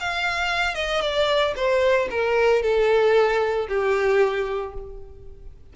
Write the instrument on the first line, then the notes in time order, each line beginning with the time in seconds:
violin
0.00 F5
0.75 D#5
1.01 D5
1.56 C5
2.11 A#4
2.62 A4
3.68 G4